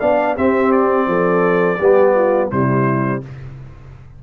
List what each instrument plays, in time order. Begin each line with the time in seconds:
0.00 tuba B3, trombone D4, horn D5, trumpet F5
0.36 trombone C4, tuba C4, horn G4, trumpet E5
0.72 trumpet D5
1.07 tuba F3, horn A4
1.79 tuba G3, trombone B3, horn G4
2.15 horn F4
2.51 tuba C3, trombone G3, horn E4, trumpet C5